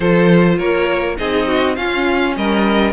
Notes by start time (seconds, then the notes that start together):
0.00 F3 F4 A4 C5
0.58 A#3 A#4 C#5
1.17 C4 D#4 G#4 D#5
1.47 F#4
1.75 C#4 F4 F5
2.36 G3 A#4 D#5